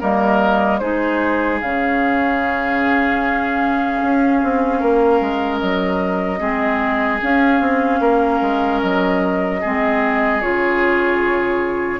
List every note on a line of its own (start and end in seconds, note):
0.00 0.81 G3
0.00 0.81 A#3
0.00 0.80 A#4
0.00 0.79 D#5
0.79 1.61 G#3
0.79 1.61 D#4
0.79 4.79 G#4
0.79 1.59 C5
1.60 4.02 C#3
1.60 6.40 C#4
1.60 5.58 F5
4.02 4.42 C#4
4.43 4.82 C4
4.79 5.21 A#3
4.79 6.39 A#4
5.21 5.61 G#3
5.58 6.41 F#3
5.58 7.19 D#5
6.40 7.21 G#3
6.40 7.20 C4
6.40 8.00 G#4
7.22 9.62 C#4
7.22 7.60 C#4
7.22 8.81 F5
7.60 8.00 C4
8.00 8.40 A#3
8.00 9.60 A#4
8.41 8.81 G#3
8.81 9.62 F#3
8.81 10.41 D#5
9.60 10.42 G#3
9.60 10.41 C4
9.60 12.00 G#4
10.41 12.00 C#3
10.41 12.00 F4
10.41 12.00 C#5